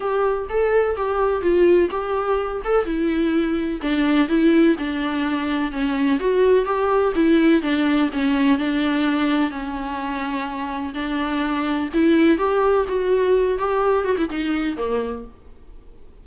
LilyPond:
\new Staff \with { instrumentName = "viola" } { \time 4/4 \tempo 4 = 126 g'4 a'4 g'4 f'4 | g'4. a'8 e'2 | d'4 e'4 d'2 | cis'4 fis'4 g'4 e'4 |
d'4 cis'4 d'2 | cis'2. d'4~ | d'4 e'4 g'4 fis'4~ | fis'8 g'4 fis'16 e'16 dis'4 ais4 | }